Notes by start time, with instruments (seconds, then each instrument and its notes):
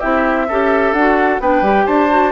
0.00 bassoon C4, clarinet E4, oboe G4, flute E5
0.48 bassoon C#4, clarinet G4, oboe A4
0.92 bassoon D4, clarinet F#4, flute F#5
1.40 bassoon B3, clarinet D4, oboe B4, flute G5
1.61 bassoon G3, clarinet G4
1.86 bassoon D4, oboe C5, flute A5
2.10 clarinet F#4